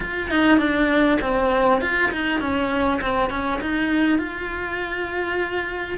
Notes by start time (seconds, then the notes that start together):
0.00 F4
0.30 D#4
0.58 D4
1.21 C4
1.81 F4
2.11 D#4
2.40 C#4
3.01 C4
3.30 C#4
3.61 D#4
4.18 F4